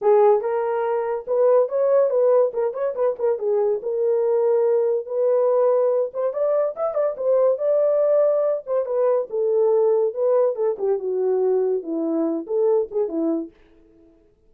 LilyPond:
\new Staff \with { instrumentName = "horn" } { \time 4/4 \tempo 4 = 142 gis'4 ais'2 b'4 | cis''4 b'4 ais'8 cis''8 b'8 ais'8 | gis'4 ais'2. | b'2~ b'8 c''8 d''4 |
e''8 d''8 c''4 d''2~ | d''8 c''8 b'4 a'2 | b'4 a'8 g'8 fis'2 | e'4. a'4 gis'8 e'4 | }